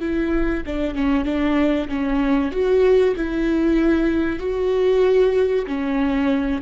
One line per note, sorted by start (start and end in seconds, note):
0.00 0.63 E4
0.66 0.95 D4
0.95 1.25 C#4
1.25 1.88 D4
1.88 2.51 C#4
2.51 3.15 F#4
3.16 4.39 E4
4.39 5.65 F#4
5.67 6.61 C#4